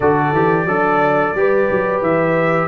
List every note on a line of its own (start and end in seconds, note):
0.00 0.32 D3
0.00 0.35 F#4
0.00 0.66 A4
0.00 2.02 D5
0.32 0.65 E3
0.32 0.68 G4
0.65 1.32 F#3
0.65 1.35 D4
0.65 1.35 A4
1.34 1.68 G3
1.34 2.67 G4
1.34 2.67 B4
1.71 2.01 F#3
2.01 2.67 E3
2.01 2.67 E5